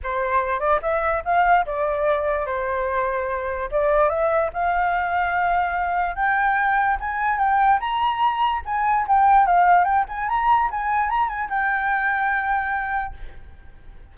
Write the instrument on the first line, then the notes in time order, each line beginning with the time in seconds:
flute
0.03 C5
0.59 D5
0.81 E5
1.24 F5
1.66 D5
2.46 C5
3.71 D5
4.09 E5
4.53 F5
6.15 G5
7.00 G#5
7.38 G5
7.80 A#5
8.65 G#5
9.07 G5
9.46 F5
9.84 G5
10.08 G#5
10.29 A#5
10.71 G#5
11.09 A#5
11.28 G#5
11.49 G5